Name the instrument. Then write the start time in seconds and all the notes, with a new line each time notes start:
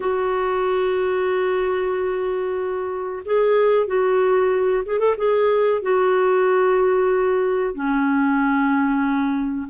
clarinet
0.00 F#4
3.25 G#4
3.87 F#4
4.85 G#4
4.99 A4
5.17 G#4
5.82 F#4
7.74 C#4